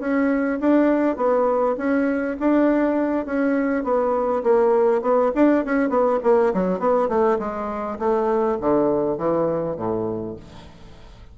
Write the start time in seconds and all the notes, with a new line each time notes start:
0.00 C#4
0.60 D4
1.17 B3
1.78 C#4
2.40 D4
3.26 C#4
3.84 B3
4.44 A#3
5.02 B3
5.35 D4
5.65 C#4
5.89 B3
6.24 A#3
6.54 F#3
6.79 B3
7.09 A3
7.39 G#3
7.99 A3
8.61 D3
9.18 E3
9.77 A2